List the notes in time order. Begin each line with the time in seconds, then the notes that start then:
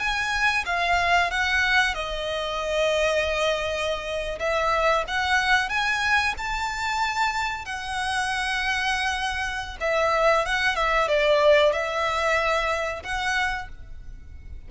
0.00 G#5
0.66 F5
1.31 F#5
1.95 D#5
4.40 E5
5.08 F#5
5.70 G#5
6.38 A5
7.66 F#5
9.81 E5
10.46 F#5
10.76 E5
11.09 D5
11.73 E5
13.04 F#5